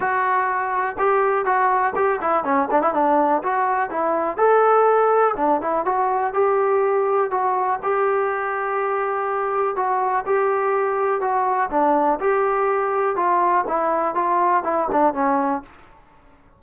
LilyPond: \new Staff \with { instrumentName = "trombone" } { \time 4/4 \tempo 4 = 123 fis'2 g'4 fis'4 | g'8 e'8 cis'8 d'16 e'16 d'4 fis'4 | e'4 a'2 d'8 e'8 | fis'4 g'2 fis'4 |
g'1 | fis'4 g'2 fis'4 | d'4 g'2 f'4 | e'4 f'4 e'8 d'8 cis'4 | }